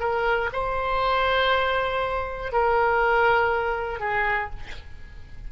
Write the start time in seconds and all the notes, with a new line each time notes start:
0.00 A#4
0.53 C5
2.52 A#4
4.00 G#4